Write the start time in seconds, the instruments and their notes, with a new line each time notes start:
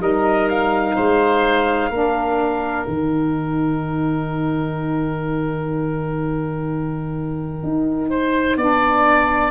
0.00 tuba G3, saxophone D#4, oboe A#4, trumpet D#5
0.50 trumpet F5
0.96 tuba G#3, oboe C5
1.90 tuba A#3, saxophone D4, oboe A#4
2.86 tuba D#3, saxophone D#4, trumpet G5
7.63 tuba D#4
8.10 oboe C5
8.57 tuba B3, saxophone D4, oboe D5